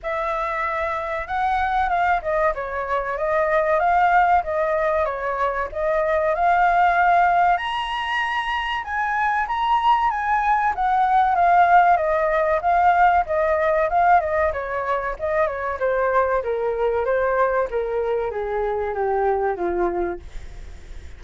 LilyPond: \new Staff \with { instrumentName = "flute" } { \time 4/4 \tempo 4 = 95 e''2 fis''4 f''8 dis''8 | cis''4 dis''4 f''4 dis''4 | cis''4 dis''4 f''2 | ais''2 gis''4 ais''4 |
gis''4 fis''4 f''4 dis''4 | f''4 dis''4 f''8 dis''8 cis''4 | dis''8 cis''8 c''4 ais'4 c''4 | ais'4 gis'4 g'4 f'4 | }